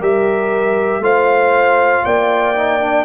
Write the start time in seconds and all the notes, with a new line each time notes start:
0.00 G3 G4 A#4 E5
1.00 A3 F4 C5 F5
2.05 A#3 D5 G5
2.56 D#4
2.81 D4